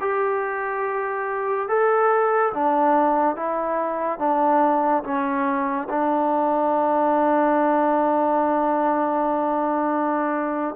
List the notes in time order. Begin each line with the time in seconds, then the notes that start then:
0.00 G4
1.68 A4
2.54 D4
3.36 E4
4.18 D4
5.04 C#4
5.89 D4